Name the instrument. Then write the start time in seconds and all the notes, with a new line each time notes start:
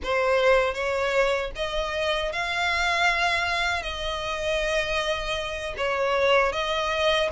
violin
0.03 C5
0.74 C#5
1.55 D#5
2.32 F5
3.82 D#5
5.77 C#5
6.52 D#5